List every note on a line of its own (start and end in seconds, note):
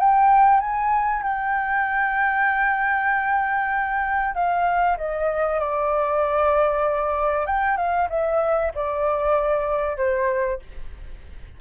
0.00 0.61 G5
0.61 1.23 G#5
1.23 4.35 G5
4.35 4.97 F5
4.98 5.60 D#5
5.60 7.47 D5
7.47 7.78 G5
7.78 8.09 F5
8.10 8.72 E5
8.75 9.97 D5
9.97 10.60 C5